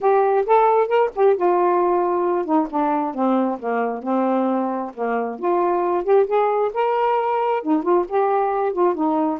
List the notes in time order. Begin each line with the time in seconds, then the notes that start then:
0.00 G4
0.46 A4
0.87 A#4
1.15 G4
1.36 F4
2.45 D#4
2.70 D4
3.14 C4
3.59 A#3
4.02 C4
4.94 A#3
5.39 F4
6.04 G4
6.26 G#4
6.73 A#4
7.62 D#4
7.82 F4
8.08 G4
8.72 F4
8.95 D#4